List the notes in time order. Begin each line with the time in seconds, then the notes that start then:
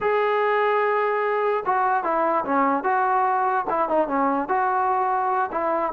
0.00 G#4
1.65 F#4
2.03 E4
2.45 C#4
2.83 F#4
3.69 E4
3.88 D#4
4.07 C#4
4.48 F#4
5.51 E4